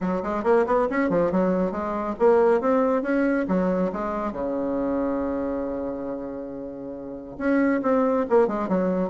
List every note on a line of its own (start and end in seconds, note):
0.00 0.22 F#3
0.23 0.43 G#3
0.43 0.65 A#3
0.66 0.88 B3
0.90 1.09 C#4
1.09 1.31 F3
1.31 1.71 F#3
1.71 2.15 G#3
2.19 2.60 A#3
2.60 3.02 C4
3.02 3.46 C#4
3.48 3.91 F#3
3.92 4.32 G#3
4.32 7.36 C#3
7.38 7.81 C#4
7.82 8.25 C4
8.29 8.47 A#3
8.47 8.68 G#3
8.68 9.10 F#3